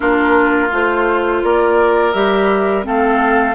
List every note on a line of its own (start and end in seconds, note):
0.00 0.72 A#3
0.00 0.70 D4
0.00 1.42 F4
0.00 0.70 A#4
0.71 1.43 A3
0.71 2.13 F4
0.71 1.44 C5
1.43 2.14 A#3
1.43 2.86 A#4
1.43 2.12 D5
2.12 2.85 G3
2.12 2.82 G4
2.12 2.84 E5
2.82 3.55 A3
2.82 3.54 C4
2.82 3.55 A4
2.82 3.55 F5